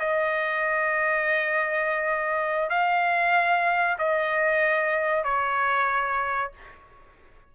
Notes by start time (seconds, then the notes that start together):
0.00 D#5
2.70 F5
3.99 D#5
5.24 C#5